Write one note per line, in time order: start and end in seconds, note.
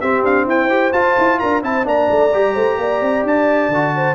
0.00 0.23 C4
0.00 0.70 C4
0.00 0.46 G4
0.00 0.23 E5
0.23 0.46 D4
0.23 0.48 F5
0.46 0.92 E4
0.46 1.40 C5
0.46 0.93 G5
0.70 0.93 G4
0.93 1.16 F4
0.93 1.62 F4
0.93 1.39 A5
1.18 1.41 E4
1.39 1.63 D4
1.39 1.63 A#4
1.39 1.62 A#5
1.62 1.86 C4
1.62 1.84 E4
1.62 1.87 C5
1.62 1.87 A5
1.84 2.09 A#3
1.84 2.30 D4
1.84 2.54 D5
1.84 3.26 A#5
2.11 2.33 A3
2.33 2.55 G3
2.33 3.72 G4
2.54 2.78 A3
2.54 2.77 C5
2.78 3.01 A#3
2.78 3.95 D5
3.01 3.24 C4
3.24 3.69 D4
3.24 4.15 A5
3.69 4.15 D3
3.69 4.15 F#4
3.95 4.15 C5